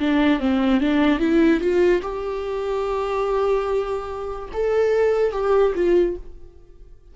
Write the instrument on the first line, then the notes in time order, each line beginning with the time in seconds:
viola
0.00 D4
0.40 C4
0.81 D4
1.20 E4
1.61 F4
2.02 G4
4.54 A4
5.32 G4
5.75 F4